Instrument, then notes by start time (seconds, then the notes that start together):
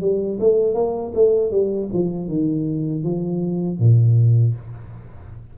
tuba
0.00 G3
0.39 A3
0.74 A#3
1.14 A3
1.51 G3
1.93 F3
2.28 D#3
3.03 F3
3.79 A#2